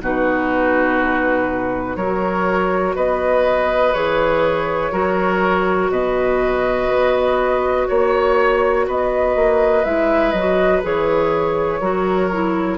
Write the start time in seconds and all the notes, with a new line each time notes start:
0.00 B2 D#4 F#4 B4
1.96 F#3 F#4 A#4 C#5
2.95 B3 B4 D#5
3.93 E3 G#4 C#5
4.91 F#3 F#4 A#4
5.90 B2 B4 D#5
6.88 B3
7.88 A#3 C#5
8.87 B3 B4 D#5
9.35 A#3
9.84 G#3 E4 E5
10.31 F#3 D#5
10.38 F#4
10.82 E3 G#4 C#5
11.80 F#3 F#4 A#4
12.32 E4